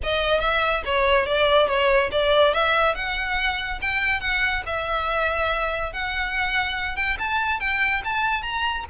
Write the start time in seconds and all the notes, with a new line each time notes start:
0.03 D#5
0.40 E5
0.85 C#5
1.25 D5
1.67 C#5
2.11 D5
2.54 E5
2.94 F#5
3.81 G5
4.20 F#5
4.66 E5
5.92 F#5
6.96 G5
7.18 A5
7.60 G5
8.04 A5
8.42 A#5